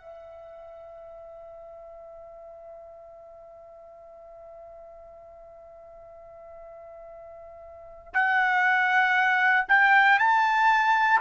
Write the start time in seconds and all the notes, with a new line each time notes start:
0.00 E5
8.14 F#5
9.69 G5
10.19 A5